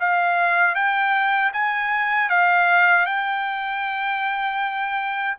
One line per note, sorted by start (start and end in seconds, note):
0.00 0.75 F5
0.75 1.52 G5
1.53 2.29 G#5
2.29 3.06 F5
3.06 5.37 G5